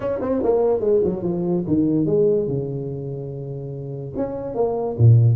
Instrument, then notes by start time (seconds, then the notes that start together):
tuba
0.00 C#4
0.21 C4
0.43 A#3
0.80 G#3
1.04 F#3
1.22 F3
1.67 D#3
2.06 G#3
2.47 C#3
4.16 C#4
4.55 A#3
4.98 A#2